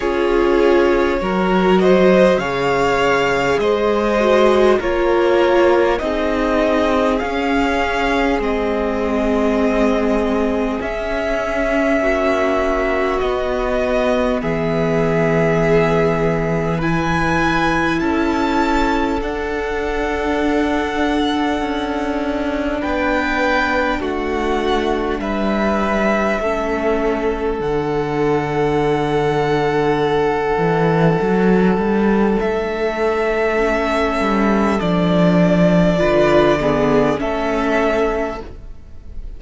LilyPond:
<<
  \new Staff \with { instrumentName = "violin" } { \time 4/4 \tempo 4 = 50 cis''4. dis''8 f''4 dis''4 | cis''4 dis''4 f''4 dis''4~ | dis''4 e''2 dis''4 | e''2 gis''4 a''4 |
fis''2. g''4 | fis''4 e''2 fis''4~ | fis''2. e''4~ | e''4 d''2 e''4 | }
  \new Staff \with { instrumentName = "violin" } { \time 4/4 gis'4 ais'8 c''8 cis''4 c''4 | ais'4 gis'2.~ | gis'2 fis'2 | gis'2 b'4 a'4~ |
a'2. b'4 | fis'4 b'4 a'2~ | a'1~ | a'2 b'8 gis'8 a'4 | }
  \new Staff \with { instrumentName = "viola" } { \time 4/4 f'4 fis'4 gis'4. fis'8 | f'4 dis'4 cis'4 c'4~ | c'4 cis'2 b4~ | b2 e'2 |
d'1~ | d'2 cis'4 d'4~ | d'1 | cis'4 d'4 f'8 b8 cis'4 | }
  \new Staff \with { instrumentName = "cello" } { \time 4/4 cis'4 fis4 cis4 gis4 | ais4 c'4 cis'4 gis4~ | gis4 cis'4 ais4 b4 | e2. cis'4 |
d'2 cis'4 b4 | a4 g4 a4 d4~ | d4. e8 fis8 g8 a4~ | a8 g8 f4 d4 a4 | }
>>